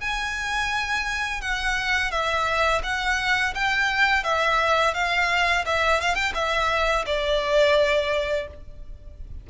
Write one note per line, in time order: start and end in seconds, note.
0.00 1.41 G#5
1.41 2.11 F#5
2.11 2.82 E5
2.83 3.54 F#5
3.54 4.24 G5
4.24 4.94 E5
4.94 5.65 F5
5.65 6.01 E5
6.01 6.15 F5
6.15 6.32 G5
6.34 7.05 E5
7.06 8.47 D5